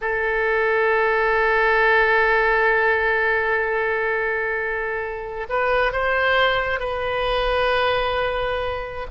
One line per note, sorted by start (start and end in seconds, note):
0.01 5.46 A4
5.49 5.92 B4
5.92 6.79 C5
6.79 9.07 B4